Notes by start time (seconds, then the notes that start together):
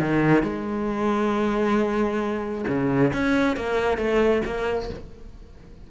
0.00 D#3
0.43 G#3
2.68 C#3
3.14 C#4
3.57 A#3
3.98 A3
4.46 A#3